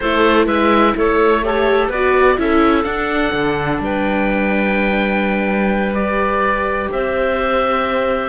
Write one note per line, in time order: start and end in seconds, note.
0.00 0.46 A3
0.00 1.43 E4
0.00 0.46 A4
0.00 0.46 C5
0.46 0.94 G#3
0.46 0.93 B4
0.46 0.95 E5
0.96 1.89 A3
0.96 1.44 A4
0.96 1.45 C#5
1.43 1.90 G4
1.43 1.91 A4
1.43 1.87 C#5
1.87 2.37 B3
1.87 2.35 B4
1.87 2.39 D5
1.94 2.37 F#4
2.37 2.84 C#4
2.37 2.85 E4
2.37 3.83 A4
2.37 2.83 E5
2.83 3.32 D4
2.83 5.94 D4
2.83 3.78 F#5
3.32 3.79 D3
3.79 6.88 G3
3.79 6.92 B4
3.79 5.94 G5
5.94 8.29 G4
5.94 6.89 D5
6.92 8.29 C4
6.92 8.29 C5
6.92 8.29 E5